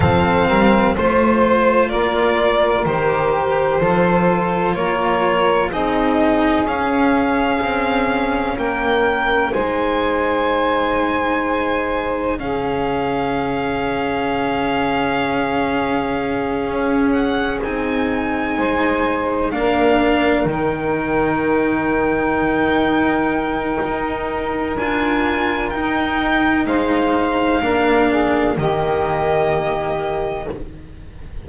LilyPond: <<
  \new Staff \with { instrumentName = "violin" } { \time 4/4 \tempo 4 = 63 f''4 c''4 d''4 c''4~ | c''4 cis''4 dis''4 f''4~ | f''4 g''4 gis''2~ | gis''4 f''2.~ |
f''2 fis''8 gis''4.~ | gis''8 f''4 g''2~ g''8~ | g''2 gis''4 g''4 | f''2 dis''2 | }
  \new Staff \with { instrumentName = "saxophone" } { \time 4/4 a'8 ais'8 c''4 ais'2 | a'4 ais'4 gis'2~ | gis'4 ais'4 c''2~ | c''4 gis'2.~ |
gis'2.~ gis'8 c''8~ | c''8 ais'2.~ ais'8~ | ais'1 | c''4 ais'8 gis'8 g'2 | }
  \new Staff \with { instrumentName = "cello" } { \time 4/4 c'4 f'2 g'4 | f'2 dis'4 cis'4~ | cis'2 dis'2~ | dis'4 cis'2.~ |
cis'2~ cis'8 dis'4.~ | dis'8 d'4 dis'2~ dis'8~ | dis'2 f'4 dis'4~ | dis'4 d'4 ais2 | }
  \new Staff \with { instrumentName = "double bass" } { \time 4/4 f8 g8 a4 ais4 dis4 | f4 ais4 c'4 cis'4 | c'4 ais4 gis2~ | gis4 cis2.~ |
cis4. cis'4 c'4 gis8~ | gis8 ais4 dis2~ dis8~ | dis4 dis'4 d'4 dis'4 | gis4 ais4 dis2 | }
>>